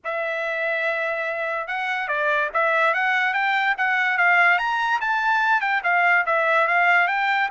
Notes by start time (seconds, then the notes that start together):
0.04 E5
1.67 F#5
2.08 D5
2.53 E5
2.93 F#5
3.33 G5
3.77 F#5
4.17 F5
4.58 A#5
5.00 A5
5.60 G5
5.83 F5
6.26 E5
6.67 F5
7.07 G5